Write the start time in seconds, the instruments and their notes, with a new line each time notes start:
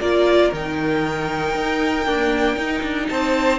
0.00 cello A#3, viola F4, violin A#4 D5
0.52 cello D#3, viola D#4, violin G5
1.55 cello D#4
2.06 viola A#3, cello D4
2.56 cello D#4, viola D#4
2.83 cello D4
3.08 cello C4, violin C5 A5